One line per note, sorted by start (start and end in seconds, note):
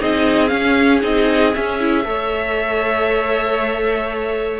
0.00 0.52 C4
0.00 0.48 D#4
0.00 2.07 G#4
0.00 0.47 D#5
0.47 0.99 C#4
0.47 1.03 C#4
0.47 0.99 F5
1.01 1.55 C4
1.01 1.53 D#4
1.01 1.54 D#5
1.54 1.79 C#4
1.54 2.05 C#4
1.54 4.60 E5
1.79 2.04 E4
2.04 4.60 A3
2.04 4.60 A4
2.04 4.60 C#5